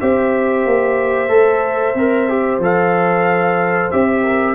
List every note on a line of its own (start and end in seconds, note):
0.00 0.65 C4
0.00 1.28 G4
0.00 4.22 C5
0.00 2.61 E5
0.65 1.29 A#3
1.28 1.94 A3
1.28 1.94 A4
1.94 2.58 C4
1.94 2.29 A#4
2.29 2.61 G4
2.58 3.89 F3
2.58 3.91 A4
2.58 3.91 F5
3.91 4.55 C4
3.91 4.55 G4
3.91 4.55 E5
4.22 4.55 A#4